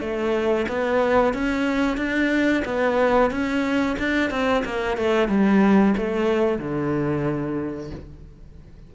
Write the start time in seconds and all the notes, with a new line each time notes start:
0.00 A3
0.68 B3
1.34 C#4
1.97 D4
2.65 B3
3.31 C#4
3.98 D4
4.30 C4
4.65 A#3
4.97 A3
5.28 G3
5.97 A3
6.58 D3